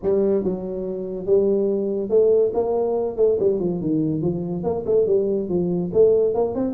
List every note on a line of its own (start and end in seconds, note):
0.02 0.44 G3
0.44 1.26 F#3
1.26 2.09 G3
2.09 2.52 A3
2.54 3.17 A#3
3.17 3.38 A3
3.39 3.59 G3
3.59 3.80 F3
3.80 4.21 D#3
4.21 4.63 F3
4.63 4.84 A#3
4.86 5.06 A3
5.06 5.48 G3
5.49 5.91 F3
5.93 6.34 A3
6.34 6.54 A#3
6.54 6.74 C4